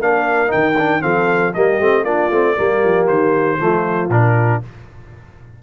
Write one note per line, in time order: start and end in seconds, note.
0.00 0.51 A#3
0.00 0.48 D4
0.00 1.03 A#4
0.00 0.51 F5
0.48 0.73 D#4
0.48 1.02 G5
0.54 1.04 D#3
0.79 1.01 D4
1.01 1.55 F3
1.01 1.52 C4
1.01 1.54 A4
1.01 1.54 F5
1.54 1.80 G3
1.54 1.81 A#3
1.54 2.05 G4
1.54 2.04 D#5
1.80 2.04 A3
1.80 2.06 C4
2.04 2.30 A#3
2.04 2.31 D4
2.04 2.56 F4
2.04 3.07 D5
2.31 2.57 A3
2.31 2.57 C4
2.57 2.85 G3
2.57 3.59 A#3
2.57 3.59 G4
2.85 3.09 F3
3.07 3.60 D#3
3.07 4.10 C5
3.59 4.09 F3
3.59 4.11 A3
3.59 4.62 F4
4.09 4.60 A#2
4.09 4.63 D4
4.09 4.62 A#4